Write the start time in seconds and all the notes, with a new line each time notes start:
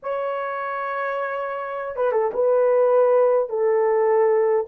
0.02 C#5
1.96 B4
2.12 A4
2.33 B4
3.49 A4